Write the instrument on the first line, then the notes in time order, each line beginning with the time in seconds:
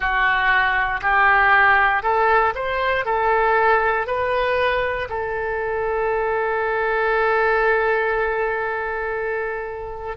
oboe
0.00 F#4
1.01 G4
2.02 A4
2.54 C5
3.05 A4
4.06 B4
5.09 A4